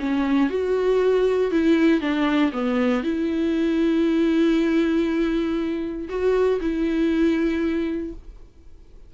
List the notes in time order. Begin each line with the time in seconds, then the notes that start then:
0.00 C#4
0.50 F#4
1.52 E4
2.01 D4
2.53 B3
3.03 E4
6.09 F#4
6.61 E4